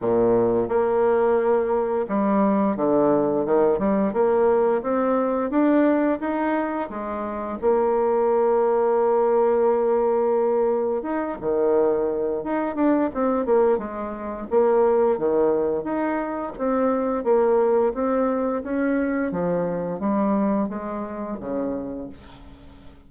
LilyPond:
\new Staff \with { instrumentName = "bassoon" } { \time 4/4 \tempo 4 = 87 ais,4 ais2 g4 | d4 dis8 g8 ais4 c'4 | d'4 dis'4 gis4 ais4~ | ais1 |
dis'8 dis4. dis'8 d'8 c'8 ais8 | gis4 ais4 dis4 dis'4 | c'4 ais4 c'4 cis'4 | f4 g4 gis4 cis4 | }